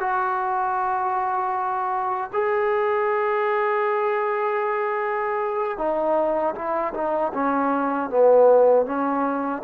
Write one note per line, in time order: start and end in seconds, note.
0.00 2.31 F#4
2.33 5.78 G#4
5.78 6.55 D#4
6.55 6.93 E4
6.94 7.32 D#4
7.34 8.10 C#4
8.10 8.86 B3
8.86 9.63 C#4